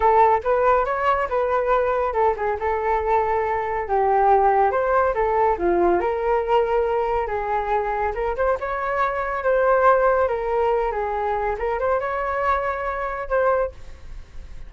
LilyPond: \new Staff \with { instrumentName = "flute" } { \time 4/4 \tempo 4 = 140 a'4 b'4 cis''4 b'4~ | b'4 a'8 gis'8 a'2~ | a'4 g'2 c''4 | a'4 f'4 ais'2~ |
ais'4 gis'2 ais'8 c''8 | cis''2 c''2 | ais'4. gis'4. ais'8 c''8 | cis''2. c''4 | }